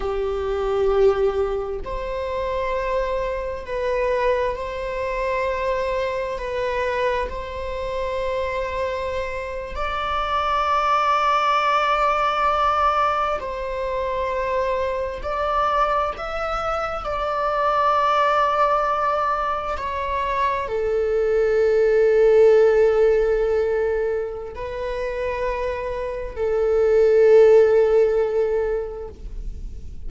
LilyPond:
\new Staff \with { instrumentName = "viola" } { \time 4/4 \tempo 4 = 66 g'2 c''2 | b'4 c''2 b'4 | c''2~ c''8. d''4~ d''16~ | d''2~ d''8. c''4~ c''16~ |
c''8. d''4 e''4 d''4~ d''16~ | d''4.~ d''16 cis''4 a'4~ a'16~ | a'2. b'4~ | b'4 a'2. | }